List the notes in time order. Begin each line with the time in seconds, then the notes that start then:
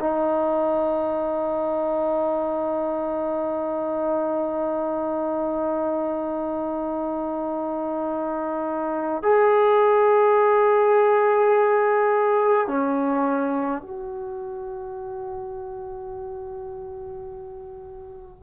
0.00 D#4
9.23 G#4
12.68 C#4
13.82 F#4